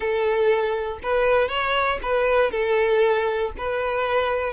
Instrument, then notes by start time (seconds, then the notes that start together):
violin
0.00 A4
1.02 B4
1.48 C#5
2.02 B4
2.51 A4
3.57 B4